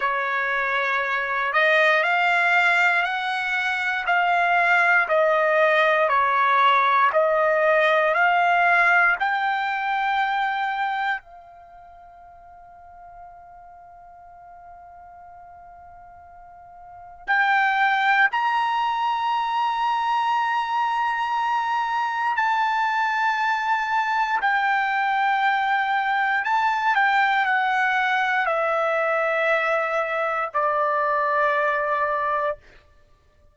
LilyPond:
\new Staff \with { instrumentName = "trumpet" } { \time 4/4 \tempo 4 = 59 cis''4. dis''8 f''4 fis''4 | f''4 dis''4 cis''4 dis''4 | f''4 g''2 f''4~ | f''1~ |
f''4 g''4 ais''2~ | ais''2 a''2 | g''2 a''8 g''8 fis''4 | e''2 d''2 | }